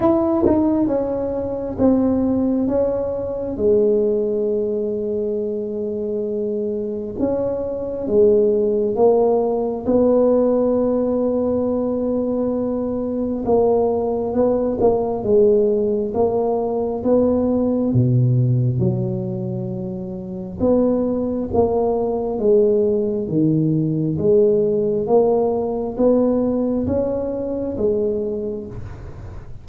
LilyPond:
\new Staff \with { instrumentName = "tuba" } { \time 4/4 \tempo 4 = 67 e'8 dis'8 cis'4 c'4 cis'4 | gis1 | cis'4 gis4 ais4 b4~ | b2. ais4 |
b8 ais8 gis4 ais4 b4 | b,4 fis2 b4 | ais4 gis4 dis4 gis4 | ais4 b4 cis'4 gis4 | }